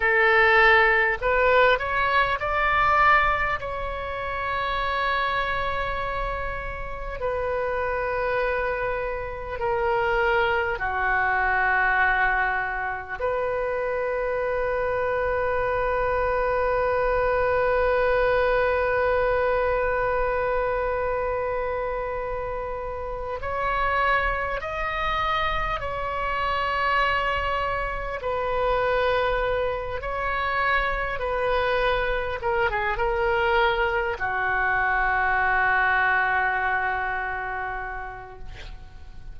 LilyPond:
\new Staff \with { instrumentName = "oboe" } { \time 4/4 \tempo 4 = 50 a'4 b'8 cis''8 d''4 cis''4~ | cis''2 b'2 | ais'4 fis'2 b'4~ | b'1~ |
b'2.~ b'8 cis''8~ | cis''8 dis''4 cis''2 b'8~ | b'4 cis''4 b'4 ais'16 gis'16 ais'8~ | ais'8 fis'2.~ fis'8 | }